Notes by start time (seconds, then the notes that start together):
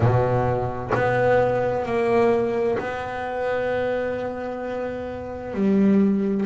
0.00 B2
0.94 B3
1.85 A#3
2.78 B3
5.54 G3